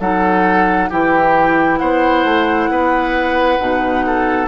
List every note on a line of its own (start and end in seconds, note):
0.00 0.90 F#3
0.00 0.91 D#4
0.00 0.90 A4
0.00 0.90 F#5
0.90 1.81 E3
0.90 3.59 E4
0.90 1.79 G4
0.90 1.78 G5
1.78 2.24 B3
1.78 2.70 C5
1.78 4.47 F#5
2.24 2.69 A3
2.69 3.59 B3
2.69 4.06 B4
3.59 4.48 B2
3.59 4.48 D#4
4.06 4.48 A4